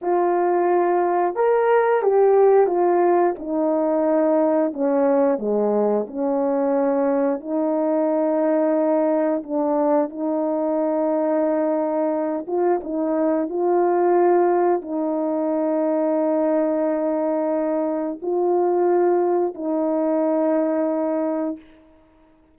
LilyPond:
\new Staff \with { instrumentName = "horn" } { \time 4/4 \tempo 4 = 89 f'2 ais'4 g'4 | f'4 dis'2 cis'4 | gis4 cis'2 dis'4~ | dis'2 d'4 dis'4~ |
dis'2~ dis'8 f'8 dis'4 | f'2 dis'2~ | dis'2. f'4~ | f'4 dis'2. | }